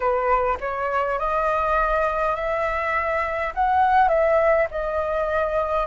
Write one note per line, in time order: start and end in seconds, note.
0.00 0.57 B4
0.60 1.18 C#5
1.18 2.35 D#5
2.35 3.53 E5
3.54 4.08 F#5
4.08 4.67 E5
4.71 5.86 D#5